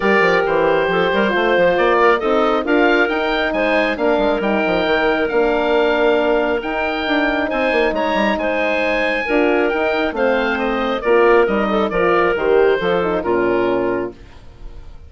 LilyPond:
<<
  \new Staff \with { instrumentName = "oboe" } { \time 4/4 \tempo 4 = 136 d''4 c''2. | d''4 dis''4 f''4 g''4 | gis''4 f''4 g''2 | f''2. g''4~ |
g''4 gis''4 ais''4 gis''4~ | gis''2 g''4 f''4 | dis''4 d''4 dis''4 d''4 | c''2 ais'2 | }
  \new Staff \with { instrumentName = "clarinet" } { \time 4/4 ais'2 a'8 ais'8 c''4~ | c''8 ais'8 a'4 ais'2 | c''4 ais'2.~ | ais'1~ |
ais'4 c''4 cis''4 c''4~ | c''4 ais'2 c''4~ | c''4 ais'4. a'8 ais'4~ | ais'4 a'4 f'2 | }
  \new Staff \with { instrumentName = "horn" } { \time 4/4 g'2. f'4~ | f'4 dis'4 f'4 dis'4~ | dis'4 d'4 dis'2 | d'2. dis'4~ |
dis'1~ | dis'4 f'4 dis'4 c'4~ | c'4 f'4 dis'4 f'4 | g'4 f'8 dis'8 cis'2 | }
  \new Staff \with { instrumentName = "bassoon" } { \time 4/4 g8 f8 e4 f8 g8 a8 f8 | ais4 c'4 d'4 dis'4 | gis4 ais8 gis8 g8 f8 dis4 | ais2. dis'4 |
d'4 c'8 ais8 gis8 g8 gis4~ | gis4 d'4 dis'4 a4~ | a4 ais4 g4 f4 | dis4 f4 ais,2 | }
>>